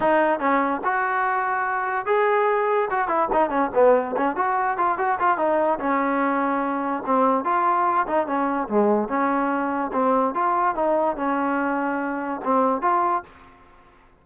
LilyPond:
\new Staff \with { instrumentName = "trombone" } { \time 4/4 \tempo 4 = 145 dis'4 cis'4 fis'2~ | fis'4 gis'2 fis'8 e'8 | dis'8 cis'8 b4 cis'8 fis'4 f'8 | fis'8 f'8 dis'4 cis'2~ |
cis'4 c'4 f'4. dis'8 | cis'4 gis4 cis'2 | c'4 f'4 dis'4 cis'4~ | cis'2 c'4 f'4 | }